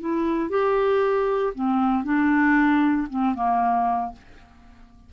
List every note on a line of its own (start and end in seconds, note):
0.00 0.49 E4
0.49 1.53 G4
1.54 2.04 C4
2.04 3.07 D4
3.09 3.34 C4
3.34 4.12 A#3